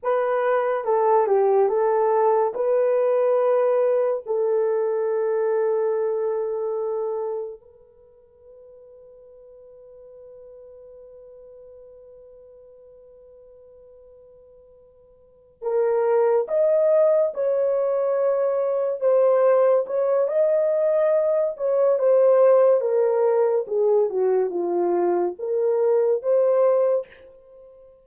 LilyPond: \new Staff \with { instrumentName = "horn" } { \time 4/4 \tempo 4 = 71 b'4 a'8 g'8 a'4 b'4~ | b'4 a'2.~ | a'4 b'2.~ | b'1~ |
b'2~ b'8 ais'4 dis''8~ | dis''8 cis''2 c''4 cis''8 | dis''4. cis''8 c''4 ais'4 | gis'8 fis'8 f'4 ais'4 c''4 | }